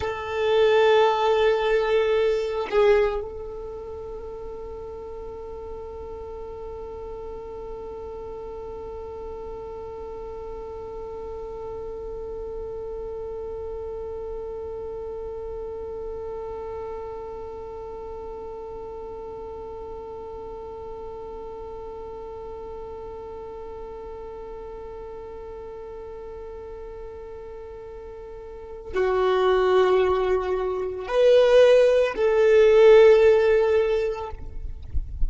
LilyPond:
\new Staff \with { instrumentName = "violin" } { \time 4/4 \tempo 4 = 56 a'2~ a'8 gis'8 a'4~ | a'1~ | a'1~ | a'1~ |
a'1~ | a'1~ | a'2. fis'4~ | fis'4 b'4 a'2 | }